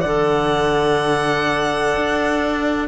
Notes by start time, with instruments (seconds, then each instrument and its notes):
0.00 cello D3, clarinet A4, horn D5, violin F#5
1.96 cello D4